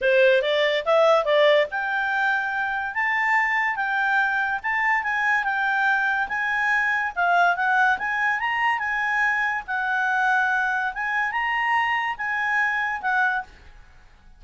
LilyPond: \new Staff \with { instrumentName = "clarinet" } { \time 4/4 \tempo 4 = 143 c''4 d''4 e''4 d''4 | g''2. a''4~ | a''4 g''2 a''4 | gis''4 g''2 gis''4~ |
gis''4 f''4 fis''4 gis''4 | ais''4 gis''2 fis''4~ | fis''2 gis''4 ais''4~ | ais''4 gis''2 fis''4 | }